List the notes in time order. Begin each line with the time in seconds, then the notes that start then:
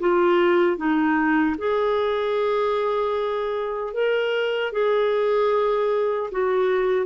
0.00 F4
0.77 D#4
1.58 G#4
3.94 A#4
4.72 G#4
6.32 F#4